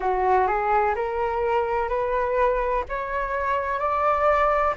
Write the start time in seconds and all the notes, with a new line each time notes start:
0.00 F#4
0.47 G#4
0.95 A#4
1.88 B4
2.88 C#5
3.79 D5